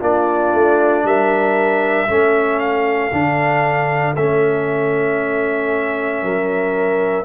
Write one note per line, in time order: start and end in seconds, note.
0.00 0.53 A#3
0.00 2.08 D4
0.00 1.03 F4
0.00 1.06 D5
0.53 1.04 A3
1.04 2.08 G3
1.04 2.09 A#4
1.04 2.59 E5
2.08 3.12 A3
2.08 3.11 C#4
2.08 6.23 A4
2.59 4.14 F5
3.13 4.16 D3
3.13 4.16 D4
4.16 6.23 A3
4.16 7.25 C#4
4.16 7.25 E5
6.23 7.25 F#3
6.23 7.25 A#4